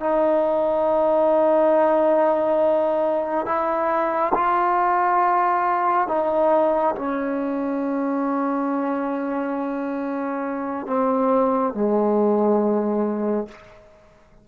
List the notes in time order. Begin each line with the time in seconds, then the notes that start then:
0.00 D#4
3.46 E4
4.34 F4
6.08 D#4
6.96 C#4
10.87 C4
11.74 G#3